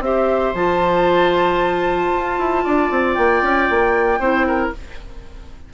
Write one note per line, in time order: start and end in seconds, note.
0.00 0.52 C4
0.00 0.55 G4
0.00 2.63 C5
0.00 0.54 E5
0.54 2.10 F3
0.54 4.21 F4
0.54 3.14 A5
2.16 2.38 F4
2.38 2.64 E4
2.63 2.90 D4
2.63 4.19 D5
2.90 3.16 C4
3.14 3.42 A#3
3.14 4.70 G5
3.42 3.68 C#4
3.70 4.19 A#3
4.19 4.71 C4
4.19 4.73 E4
4.19 4.45 C5
4.47 4.73 A#4